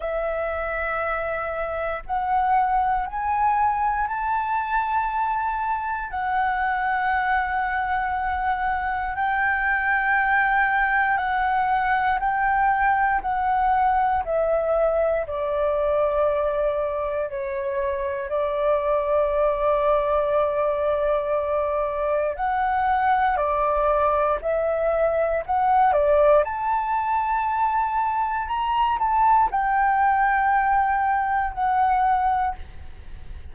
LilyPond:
\new Staff \with { instrumentName = "flute" } { \time 4/4 \tempo 4 = 59 e''2 fis''4 gis''4 | a''2 fis''2~ | fis''4 g''2 fis''4 | g''4 fis''4 e''4 d''4~ |
d''4 cis''4 d''2~ | d''2 fis''4 d''4 | e''4 fis''8 d''8 a''2 | ais''8 a''8 g''2 fis''4 | }